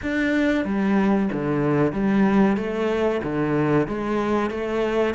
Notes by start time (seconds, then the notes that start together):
0.02 D4
0.65 G3
1.32 D3
1.92 G3
2.56 A3
3.23 D3
3.87 G#3
4.50 A3